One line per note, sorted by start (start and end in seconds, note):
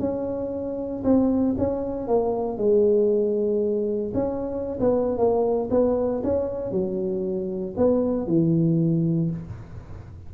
0.00 1.03 C#4
1.04 1.56 C4
1.58 2.08 C#4
2.08 2.58 A#3
2.58 4.13 G#3
4.14 4.79 C#4
4.80 5.18 B3
5.18 5.70 A#3
5.71 6.23 B3
6.24 6.71 C#4
6.71 7.75 F#3
7.77 8.27 B3
8.27 9.31 E3